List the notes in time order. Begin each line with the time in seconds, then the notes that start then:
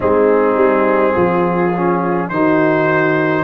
0.00 G#3 C4 D#4 G#4
0.56 G3
1.13 F3 F4
1.76 C#4
2.29 D#3 D#4 F#4 C5